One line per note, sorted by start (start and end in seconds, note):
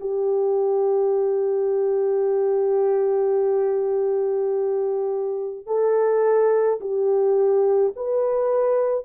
0.00 5.66 G4
5.66 6.79 A4
6.80 7.93 G4
7.96 9.05 B4